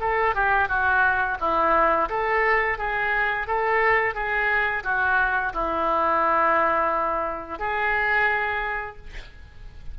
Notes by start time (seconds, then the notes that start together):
0.00 A4
0.35 G4
0.68 F#4
1.40 E4
2.09 A4
2.78 G#4
3.47 A4
4.14 G#4
4.84 F#4
5.53 E4
7.59 G#4